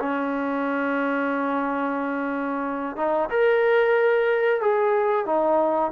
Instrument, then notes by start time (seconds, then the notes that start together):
trombone
0.00 C#4
2.97 D#4
3.30 A#4
4.62 G#4
5.26 D#4